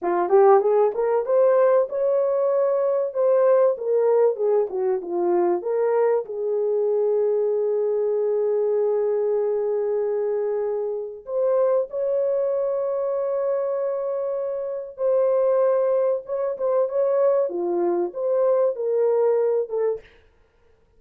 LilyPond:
\new Staff \with { instrumentName = "horn" } { \time 4/4 \tempo 4 = 96 f'8 g'8 gis'8 ais'8 c''4 cis''4~ | cis''4 c''4 ais'4 gis'8 fis'8 | f'4 ais'4 gis'2~ | gis'1~ |
gis'2 c''4 cis''4~ | cis''1 | c''2 cis''8 c''8 cis''4 | f'4 c''4 ais'4. a'8 | }